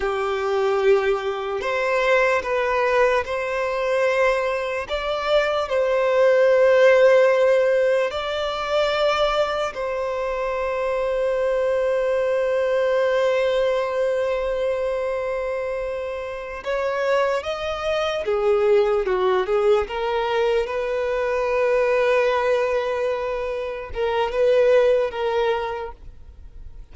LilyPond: \new Staff \with { instrumentName = "violin" } { \time 4/4 \tempo 4 = 74 g'2 c''4 b'4 | c''2 d''4 c''4~ | c''2 d''2 | c''1~ |
c''1~ | c''8 cis''4 dis''4 gis'4 fis'8 | gis'8 ais'4 b'2~ b'8~ | b'4. ais'8 b'4 ais'4 | }